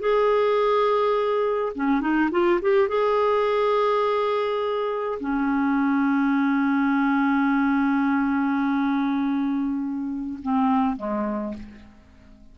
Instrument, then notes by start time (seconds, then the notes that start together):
clarinet
0.00 G#4
1.76 C#4
2.01 D#4
2.32 F4
2.62 G4
2.88 G#4
5.20 C#4
10.43 C4
10.97 G#3